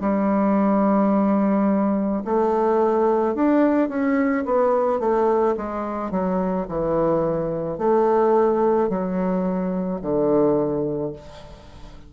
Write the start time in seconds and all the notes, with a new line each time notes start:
0.00 G3
2.25 A3
3.34 D4
3.88 C#4
4.45 B3
4.99 A3
5.57 G#3
6.11 F#3
6.68 E3
7.78 A3
8.89 F#3
10.02 D3